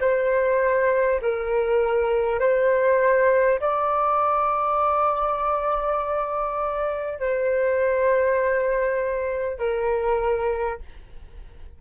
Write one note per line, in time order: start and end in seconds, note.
0.00 1.20 C5
1.21 2.39 A#4
2.39 3.59 C5
3.60 7.19 D5
7.19 9.58 C5
9.58 10.78 A#4